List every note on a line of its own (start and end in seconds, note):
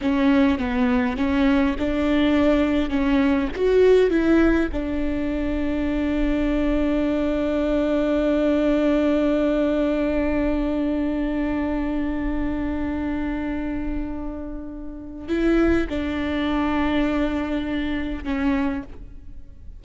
0.01 0.58 C#4
0.58 1.16 B3
1.16 1.75 C#4
1.78 2.89 D4
2.89 3.48 C#4
3.55 4.10 F#4
4.10 4.69 E4
4.72 15.28 D4
15.28 15.87 E4
15.89 18.24 D4
18.24 18.82 C#4